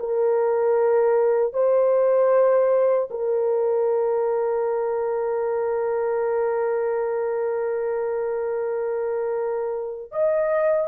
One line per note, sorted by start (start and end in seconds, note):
0.00 1.53 A#4
1.53 3.09 C5
3.11 10.12 A#4
10.12 10.88 D#5